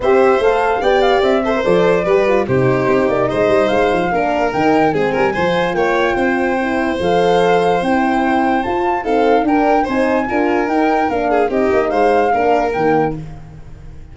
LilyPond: <<
  \new Staff \with { instrumentName = "flute" } { \time 4/4 \tempo 4 = 146 e''4 f''4 g''8 f''8 e''4 | d''2 c''4. d''8 | dis''4 f''2 g''4 | gis''2 g''2~ |
g''4 f''2 g''4~ | g''4 a''4 f''4 g''4 | gis''2 g''4 f''4 | dis''4 f''2 g''4 | }
  \new Staff \with { instrumentName = "violin" } { \time 4/4 c''2 d''4. c''8~ | c''4 b'4 g'2 | c''2 ais'2 | gis'8 ais'8 c''4 cis''4 c''4~ |
c''1~ | c''2 a'4 ais'4 | c''4 ais'2~ ais'8 gis'8 | g'4 c''4 ais'2 | }
  \new Staff \with { instrumentName = "horn" } { \time 4/4 g'4 a'4 g'4. a'16 ais'16 | a'4 g'8 f'8 dis'2~ | dis'2 d'4 dis'4 | c'4 f'2. |
e'4 a'2 e'4~ | e'4 f'4 c'4 d'4 | dis'4 f'4 dis'4 d'4 | dis'2 d'4 ais4 | }
  \new Staff \with { instrumentName = "tuba" } { \time 4/4 c'4 a4 b4 c'4 | f4 g4 c4 c'8 ais8 | gis8 g8 gis8 f8 ais4 dis4 | gis8 g8 f4 ais4 c'4~ |
c'4 f2 c'4~ | c'4 f'4 dis'4 d'4 | c'4 d'4 dis'4 ais4 | c'8 ais8 gis4 ais4 dis4 | }
>>